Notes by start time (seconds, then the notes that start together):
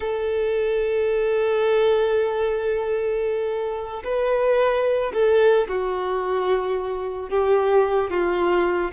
0.00 A4
4.04 B4
5.13 A4
5.68 F#4
7.29 G4
8.10 F4